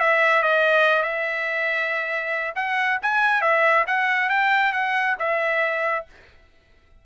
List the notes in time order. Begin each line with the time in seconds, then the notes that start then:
0.00 E5
0.43 D#5
1.03 E5
2.55 F#5
3.02 G#5
3.41 E5
3.87 F#5
4.30 G5
4.73 F#5
5.19 E5